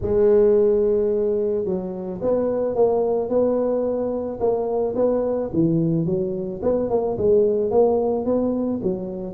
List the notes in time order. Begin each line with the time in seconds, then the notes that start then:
0.01 G#3
1.64 F#3
2.21 B3
2.75 A#3
3.29 B3
4.39 A#3
4.95 B3
5.53 E3
6.06 F#3
6.62 B3
6.89 A#3
7.17 G#3
7.70 A#3
8.25 B3
8.82 F#3